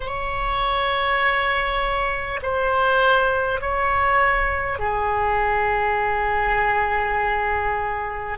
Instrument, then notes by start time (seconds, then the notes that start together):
oboe
0.00 C#5
2.42 C5
3.60 C#5
4.78 G#4